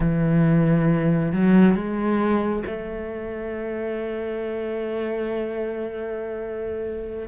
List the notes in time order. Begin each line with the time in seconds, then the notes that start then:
0.00 E3
1.32 F#3
1.74 G#3
2.66 A3